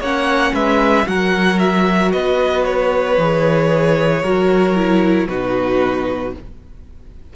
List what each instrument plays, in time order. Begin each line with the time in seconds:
0.00 cello A#3, viola C#4, violin C#5 F#5
0.54 cello G#3, violin B4 E5
1.05 cello F#3, viola F#4, violin A#4 F#5
1.59 violin E5
2.12 cello B3, violin B4 D#5
2.64 violin C#5
3.18 cello E3, viola G#4
4.22 cello F#3, viola F#4, violin A#4
4.76 viola E4
5.28 cello B2, viola D#4, violin F#4 B4